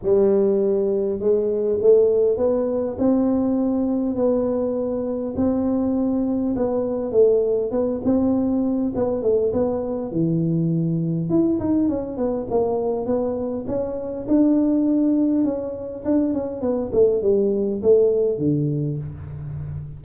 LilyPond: \new Staff \with { instrumentName = "tuba" } { \time 4/4 \tempo 4 = 101 g2 gis4 a4 | b4 c'2 b4~ | b4 c'2 b4 | a4 b8 c'4. b8 a8 |
b4 e2 e'8 dis'8 | cis'8 b8 ais4 b4 cis'4 | d'2 cis'4 d'8 cis'8 | b8 a8 g4 a4 d4 | }